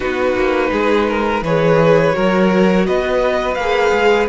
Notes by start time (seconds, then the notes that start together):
0.00 B3 D#4 F#4 B4
0.34 A#3
0.71 G#3 G#4
1.08 A#4
1.42 E3 G#4 B4 C#5
2.12 F#3 F#4 A#4
2.86 B3 B4 D#5
3.54 A#3 F5
3.60 G#4
3.92 G#3